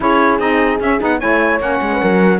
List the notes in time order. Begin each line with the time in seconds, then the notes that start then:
0.00 C#4 E4 G#4 C#5
0.39 C4 D#4 D#5
0.79 C#4 E5
0.99 B3 D#4 F#5
1.19 A3 E4 C#5 G#5
1.59 A#3 C#4 F#5
1.81 G#3
1.92 B4
2.02 F#3 A#4